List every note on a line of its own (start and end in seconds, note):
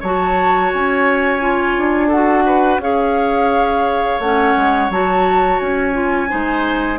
0.00 0.72 F#3
0.00 1.40 F#4
0.00 2.08 C#5
0.00 0.73 A5
0.74 1.77 C#4
0.74 2.10 G#5
1.40 2.09 F4
1.77 2.78 D4
2.08 2.81 F#4
2.08 2.43 A4
2.08 2.80 F#5
2.46 2.81 B4
2.78 4.18 C#4
2.78 4.20 G#4
2.78 6.30 C#5
2.78 4.20 F5
4.19 4.54 A3
4.19 4.91 C#4
4.19 4.90 F#5
4.56 4.89 G#3
4.89 5.59 F#3
4.89 5.92 F#4
4.89 5.59 A5
5.59 6.30 C#4
5.59 6.99 G#5
5.92 6.27 F4
6.29 6.99 G#3
6.29 6.98 D#4
6.29 6.99 C5